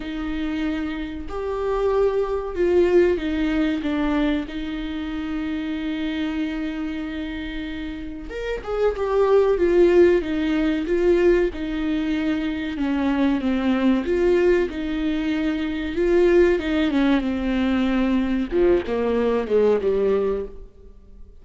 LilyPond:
\new Staff \with { instrumentName = "viola" } { \time 4/4 \tempo 4 = 94 dis'2 g'2 | f'4 dis'4 d'4 dis'4~ | dis'1~ | dis'4 ais'8 gis'8 g'4 f'4 |
dis'4 f'4 dis'2 | cis'4 c'4 f'4 dis'4~ | dis'4 f'4 dis'8 cis'8 c'4~ | c'4 f8 ais4 gis8 g4 | }